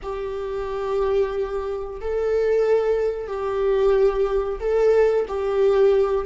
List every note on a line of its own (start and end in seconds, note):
0.02 2.00 G4
2.00 3.27 A4
3.27 4.59 G4
4.60 5.26 A4
5.28 6.25 G4